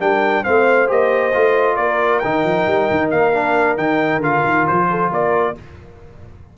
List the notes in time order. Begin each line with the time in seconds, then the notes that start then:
0.00 G3 D4 A#4 G5
0.43 A3 C4 C5 F5
0.87 A#3 G4 D#5
1.34 A3 F4
1.76 A#3 A#4 D5
2.19 D#3 D#4 G5
2.44 F3
2.67 G3
2.91 D#3
3.11 A#3 F5
3.34 D4
3.77 D#3 D#4 G5
4.18 D3 F4 F5
4.45 D#3
4.68 F3 C5
4.90 A4
5.11 A#3 A#4 D5